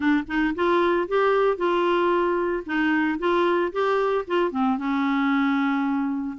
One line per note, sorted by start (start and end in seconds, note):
0.00 0.23 D4
0.27 0.54 D#4
0.55 1.07 F4
1.07 1.57 G4
1.57 2.63 F4
2.66 3.19 D#4
3.19 3.72 F4
3.72 4.25 G4
4.27 4.51 F4
4.51 4.77 C4
4.78 6.37 C#4